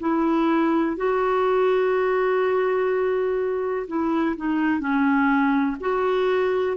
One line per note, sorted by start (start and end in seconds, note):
0.00 0.96 E4
0.96 3.87 F#4
3.88 4.36 E4
4.37 4.80 D#4
4.80 5.77 C#4
5.80 6.77 F#4